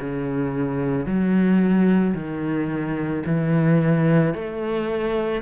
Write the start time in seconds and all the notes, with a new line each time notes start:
0.00 C#3
1.06 F#3
2.14 D#3
3.26 E3
4.34 A3